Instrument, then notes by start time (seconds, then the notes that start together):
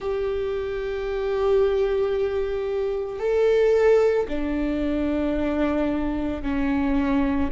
viola
0.00 G4
3.19 A4
4.28 D4
6.42 C#4